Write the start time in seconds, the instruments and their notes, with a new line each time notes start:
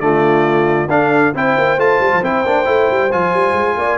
0.00 tuba D3, trombone A3, horn F4, trumpet D5
0.88 tuba D4, trombone D4, horn A4, trumpet F5
1.35 tuba C4, trombone E4, horn C5, trumpet G5
1.58 tuba A#3
1.77 tuba A3, trombone F4, trumpet A5
2.00 tuba G3
2.14 tuba F3
2.22 tuba C4, trombone E4, trumpet G5
2.45 tuba A#3, trombone D4
2.65 tuba A3, trombone E4
2.90 tuba G3
3.12 tuba F3, trombone F4, trumpet G#5
3.33 tuba G3
3.53 tuba G#3
3.77 tuba A#3, horn D5